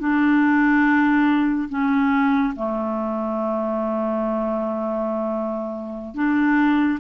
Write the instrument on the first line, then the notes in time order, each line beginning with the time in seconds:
clarinet
0.00 D4
1.69 C#4
2.56 A3
6.15 D4